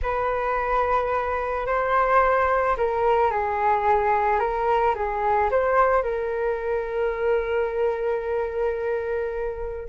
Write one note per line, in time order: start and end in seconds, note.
0.02 1.66 B4
1.66 2.76 C5
2.77 3.31 A#4
3.31 4.39 G#4
4.39 4.94 A#4
4.95 5.50 G#4
5.50 6.03 C5
6.03 9.88 A#4